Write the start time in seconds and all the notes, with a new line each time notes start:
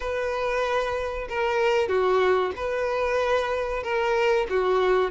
0.00 B4
1.28 A#4
1.88 F#4
2.55 B4
3.83 A#4
4.49 F#4